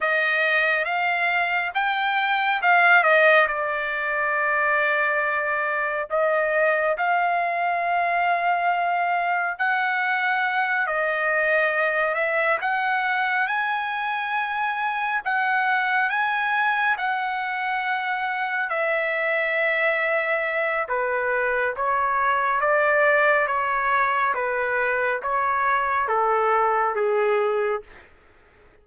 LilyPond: \new Staff \with { instrumentName = "trumpet" } { \time 4/4 \tempo 4 = 69 dis''4 f''4 g''4 f''8 dis''8 | d''2. dis''4 | f''2. fis''4~ | fis''8 dis''4. e''8 fis''4 gis''8~ |
gis''4. fis''4 gis''4 fis''8~ | fis''4. e''2~ e''8 | b'4 cis''4 d''4 cis''4 | b'4 cis''4 a'4 gis'4 | }